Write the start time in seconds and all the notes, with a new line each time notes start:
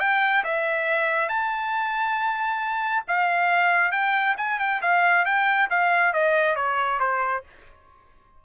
0.00 G5
0.44 E5
1.29 A5
3.08 F5
3.92 G5
4.38 G#5
4.59 G5
4.82 F5
5.25 G5
5.70 F5
6.13 D#5
6.56 C#5
7.00 C5